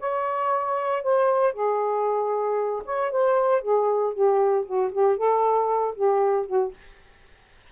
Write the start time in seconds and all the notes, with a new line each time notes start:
0.00 C#5
1.03 C5
1.53 G#4
2.86 C#5
3.12 C5
3.62 G#4
4.14 G4
4.66 F#4
4.92 G4
5.17 A4
5.96 G4
6.47 F#4